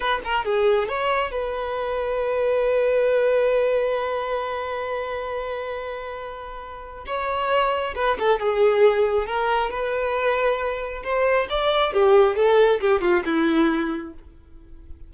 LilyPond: \new Staff \with { instrumentName = "violin" } { \time 4/4 \tempo 4 = 136 b'8 ais'8 gis'4 cis''4 b'4~ | b'1~ | b'1~ | b'1 |
cis''2 b'8 a'8 gis'4~ | gis'4 ais'4 b'2~ | b'4 c''4 d''4 g'4 | a'4 g'8 f'8 e'2 | }